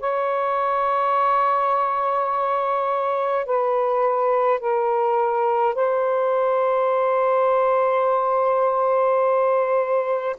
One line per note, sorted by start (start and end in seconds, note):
0.00 3.46 C#5
3.46 4.60 B4
4.60 5.75 A#4
5.75 10.36 C5